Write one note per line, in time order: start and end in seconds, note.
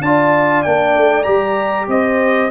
0.00 0.62 D4
0.00 0.65 F4
0.00 1.90 D5
0.00 0.63 A5
0.63 0.95 A#3
0.63 1.24 D4
0.63 1.23 G5
0.95 1.26 A3
1.23 1.87 G3
1.23 2.49 G4
1.23 1.86 A#5
1.87 2.50 C4
1.87 2.50 C5
1.87 2.50 D#5